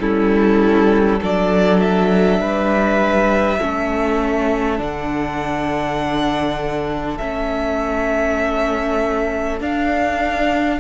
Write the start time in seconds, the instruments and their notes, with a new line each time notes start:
0.00 cello G3, viola C#4, violin E4 A4
1.21 cello F#3, viola D4, violin A4 D5
1.80 violin E5
2.40 cello G3, violin B4
3.59 cello A3, viola C#4, violin A4
4.78 cello D3, viola D4, violin F#5
7.18 cello A3, viola C#4, violin E5
9.60 cello D4, viola D4, violin F5